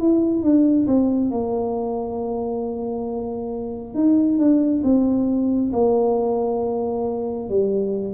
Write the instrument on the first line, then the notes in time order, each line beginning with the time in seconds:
tuba
0.00 E4
0.43 D4
0.87 C4
1.31 A#3
3.95 D#4
4.39 D4
4.84 C4
5.73 A#3
7.49 G3